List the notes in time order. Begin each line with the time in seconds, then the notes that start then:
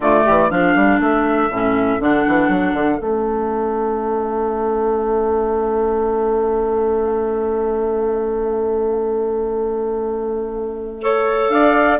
0.00 D3 A3 F4 D5
0.23 E3 G4
0.48 F3 D4 A4 F5
0.75 G3
0.99 A3 E5
1.50 A2 C#4
2.00 D3 D4 F#5
2.27 E3
2.49 F#3
2.73 D3
2.99 A3 C#4 E5
11.01 A4 C#5
11.48 D4 D5 F5